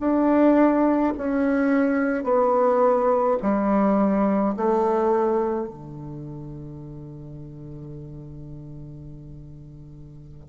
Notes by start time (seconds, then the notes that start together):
0.00 D4
1.18 C#4
2.24 B3
3.42 G3
4.57 A3
5.68 D3